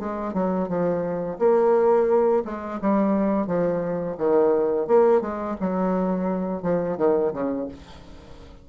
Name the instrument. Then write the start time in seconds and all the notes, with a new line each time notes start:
bassoon
0.00 G#3
0.34 F#3
0.69 F3
1.40 A#3
2.45 G#3
2.82 G3
3.47 F3
4.18 D#3
4.88 A#3
5.22 G#3
5.61 F#3
6.63 F3
6.98 D#3
7.34 C#3